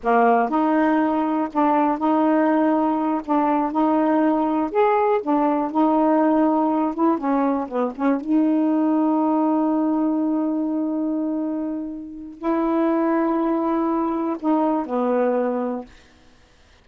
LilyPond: \new Staff \with { instrumentName = "saxophone" } { \time 4/4 \tempo 4 = 121 ais4 dis'2 d'4 | dis'2~ dis'8 d'4 dis'8~ | dis'4. gis'4 d'4 dis'8~ | dis'2 e'8 cis'4 b8 |
cis'8 dis'2.~ dis'8~ | dis'1~ | dis'4 e'2.~ | e'4 dis'4 b2 | }